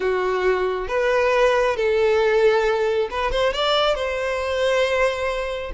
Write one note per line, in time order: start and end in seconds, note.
0.00 0.88 F#4
0.88 1.76 B4
1.76 3.08 A4
3.10 3.31 B4
3.31 3.53 C5
3.53 3.95 D5
3.95 5.71 C5